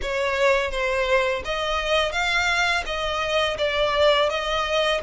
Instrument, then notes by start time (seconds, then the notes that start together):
violin
0.02 C#5
0.71 C5
1.44 D#5
2.12 F5
2.86 D#5
3.57 D5
4.29 D#5